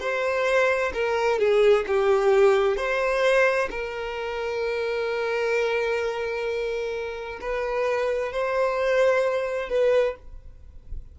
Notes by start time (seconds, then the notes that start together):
0.00 C5
0.94 A#4
1.39 G#4
1.87 G4
2.77 C5
3.70 A#4
7.41 B4
8.32 C5
9.69 B4